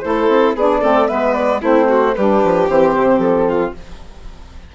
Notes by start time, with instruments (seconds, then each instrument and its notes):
0.00 bassoon A3, saxophone E4, violin A4, flute C5
0.28 bassoon C4
0.55 bassoon B3, saxophone D4, violin G#4, flute D5
0.81 bassoon A3, saxophone C4, violin A4
1.07 bassoon G#3, saxophone B3, violin B4, flute E5
1.33 flute D5
1.61 bassoon A3, saxophone C4, violin E4, flute C5
1.88 violin F#4
2.14 bassoon G3, saxophone D4, violin G4, flute B4
2.43 bassoon F3
2.69 bassoon E3, saxophone C4, flute C5
2.95 bassoon C3
3.18 bassoon F3, flute A4
3.47 violin F4